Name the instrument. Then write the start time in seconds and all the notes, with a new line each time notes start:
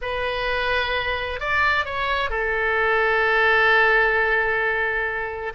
oboe
0.01 B4
1.40 D5
1.85 C#5
2.30 A4